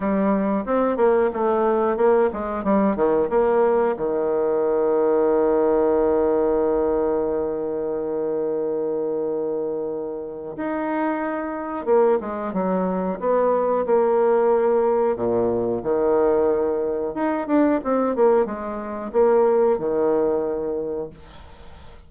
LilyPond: \new Staff \with { instrumentName = "bassoon" } { \time 4/4 \tempo 4 = 91 g4 c'8 ais8 a4 ais8 gis8 | g8 dis8 ais4 dis2~ | dis1~ | dis1 |
dis'2 ais8 gis8 fis4 | b4 ais2 ais,4 | dis2 dis'8 d'8 c'8 ais8 | gis4 ais4 dis2 | }